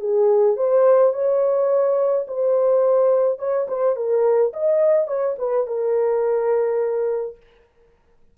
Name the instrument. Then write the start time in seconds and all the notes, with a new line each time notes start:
horn
0.00 G#4
0.57 C5
1.13 C#5
2.28 C5
3.39 C#5
3.68 C5
3.96 A#4
4.53 D#5
5.08 C#5
5.39 B4
5.67 A#4